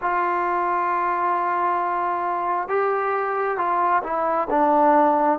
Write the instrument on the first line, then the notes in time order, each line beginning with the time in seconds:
trombone
0.01 F4
2.68 G4
3.57 F4
4.03 E4
4.50 D4